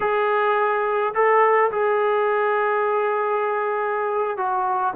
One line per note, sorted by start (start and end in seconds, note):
0.00 1.13 G#4
1.14 1.71 A4
1.71 4.37 G#4
4.37 4.93 F#4